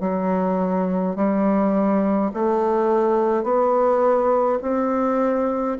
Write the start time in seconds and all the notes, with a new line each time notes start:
0.00 F#3
1.15 G3
2.33 A3
3.43 B3
4.62 C4